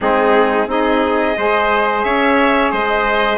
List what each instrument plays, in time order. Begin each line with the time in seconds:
0.01 bassoon G#3, saxophone C4, trumpet D#4, violin G#4
0.66 bassoon C4, saxophone D#4, trumpet G#4, violin D#5
1.37 bassoon G#3, saxophone G#4, trumpet C5
2.03 bassoon C#4, trumpet C#5, violin E5
2.71 bassoon G#3, trumpet C5, violin D#5